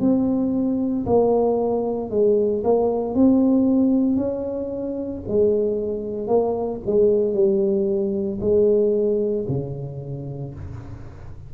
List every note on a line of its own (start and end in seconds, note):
0.00 1.05 C4
1.06 2.10 A#3
2.10 2.63 G#3
2.64 3.15 A#3
3.15 4.17 C4
4.17 5.22 C#4
5.28 6.27 G#3
6.27 6.80 A#3
6.86 7.33 G#3
7.33 8.39 G3
8.40 9.45 G#3
9.49 10.54 C#3